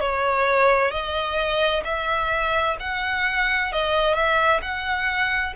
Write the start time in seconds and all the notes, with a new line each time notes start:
0.00 C#5
0.91 D#5
1.84 E5
2.80 F#5
3.73 D#5
4.14 E5
4.62 F#5